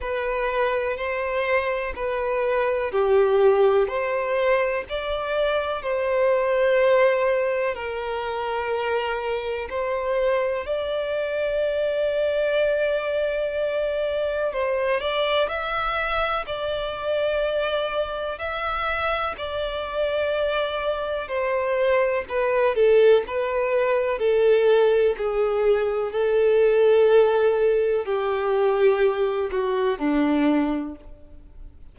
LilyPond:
\new Staff \with { instrumentName = "violin" } { \time 4/4 \tempo 4 = 62 b'4 c''4 b'4 g'4 | c''4 d''4 c''2 | ais'2 c''4 d''4~ | d''2. c''8 d''8 |
e''4 d''2 e''4 | d''2 c''4 b'8 a'8 | b'4 a'4 gis'4 a'4~ | a'4 g'4. fis'8 d'4 | }